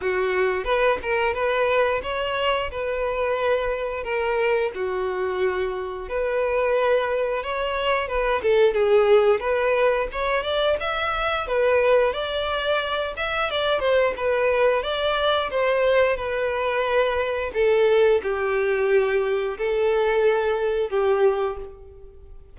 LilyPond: \new Staff \with { instrumentName = "violin" } { \time 4/4 \tempo 4 = 89 fis'4 b'8 ais'8 b'4 cis''4 | b'2 ais'4 fis'4~ | fis'4 b'2 cis''4 | b'8 a'8 gis'4 b'4 cis''8 d''8 |
e''4 b'4 d''4. e''8 | d''8 c''8 b'4 d''4 c''4 | b'2 a'4 g'4~ | g'4 a'2 g'4 | }